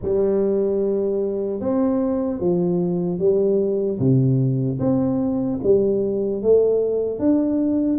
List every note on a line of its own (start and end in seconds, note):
0.01 1.60 G3
1.60 2.40 C4
2.40 3.19 F3
3.19 3.99 G3
3.99 4.79 C3
4.79 5.59 C4
5.63 6.42 G3
6.42 7.19 A3
7.19 7.99 D4